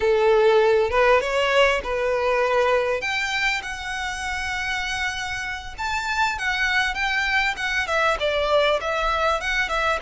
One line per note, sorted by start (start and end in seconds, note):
0.00 0.90 A4
0.90 1.20 B4
1.20 1.81 C#5
1.83 3.01 B4
3.01 3.61 G5
3.62 5.74 F#5
5.77 6.38 A5
6.38 6.94 F#5
6.94 7.55 G5
7.56 7.87 F#5
7.87 8.17 E5
8.19 8.80 D5
8.80 9.40 E5
9.40 9.68 F#5
9.68 9.99 E5